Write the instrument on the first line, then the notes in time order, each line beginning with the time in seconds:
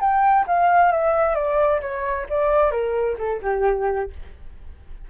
flute
0.00 G5
0.47 F5
0.92 E5
1.35 D5
1.81 C#5
2.29 D5
2.71 A#4
3.18 A4
3.42 G4